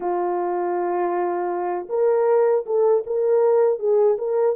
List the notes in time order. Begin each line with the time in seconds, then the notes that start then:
0.00 F4
1.89 A#4
2.65 A4
3.06 A#4
3.79 G#4
4.18 A#4